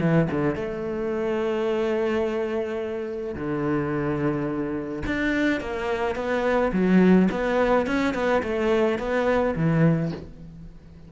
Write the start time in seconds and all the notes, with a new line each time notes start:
0.00 E3
0.30 D3
0.55 A3
3.34 D3
5.06 D4
5.60 A#3
6.15 B3
6.72 F#3
7.30 B3
7.86 C#4
8.14 B3
8.43 A3
8.98 B3
9.55 E3